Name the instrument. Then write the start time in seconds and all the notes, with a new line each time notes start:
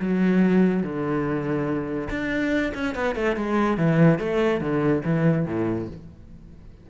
cello
0.00 F#3
0.83 D3
2.10 D4
2.75 C#4
2.96 B3
3.16 A3
3.37 G#3
3.78 E3
4.19 A3
4.61 D3
5.05 E3
5.46 A2